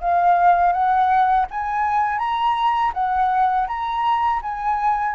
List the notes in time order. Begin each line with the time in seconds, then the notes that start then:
0.00 F5
0.72 F#5
1.50 G#5
2.18 A#5
2.93 F#5
3.67 A#5
4.42 G#5